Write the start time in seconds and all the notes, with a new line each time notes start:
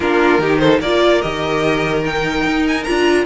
0.00 A#3 D4 F4 A#4
0.38 D#3 D#4 G4
0.58 A4 C5
0.80 A#3 F4 A#4 D5
1.21 D#3 G4 D#5
2.05 D#4 G5
2.45 D#4
2.67 G#5
2.83 D4 F4 A#5